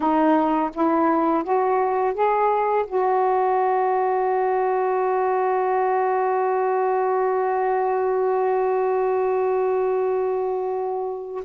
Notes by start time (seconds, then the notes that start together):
0.00 D#4
0.74 E4
1.43 F#4
2.14 G#4
2.86 F#4